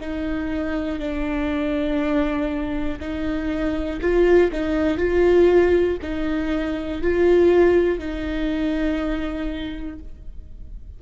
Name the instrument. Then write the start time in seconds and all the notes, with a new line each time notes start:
viola
0.00 D#4
0.99 D4
3.00 D#4
4.01 F4
4.51 D#4
4.97 F4
6.01 D#4
7.02 F4
7.98 D#4